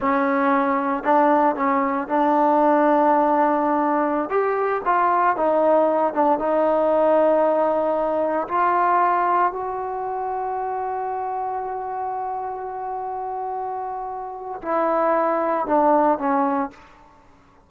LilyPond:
\new Staff \with { instrumentName = "trombone" } { \time 4/4 \tempo 4 = 115 cis'2 d'4 cis'4 | d'1~ | d'16 g'4 f'4 dis'4. d'16~ | d'16 dis'2.~ dis'8.~ |
dis'16 f'2 fis'4.~ fis'16~ | fis'1~ | fis'1 | e'2 d'4 cis'4 | }